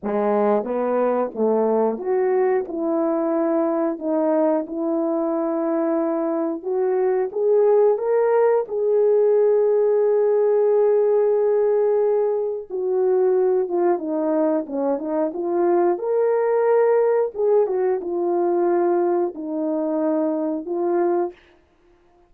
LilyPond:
\new Staff \with { instrumentName = "horn" } { \time 4/4 \tempo 4 = 90 gis4 b4 a4 fis'4 | e'2 dis'4 e'4~ | e'2 fis'4 gis'4 | ais'4 gis'2.~ |
gis'2. fis'4~ | fis'8 f'8 dis'4 cis'8 dis'8 f'4 | ais'2 gis'8 fis'8 f'4~ | f'4 dis'2 f'4 | }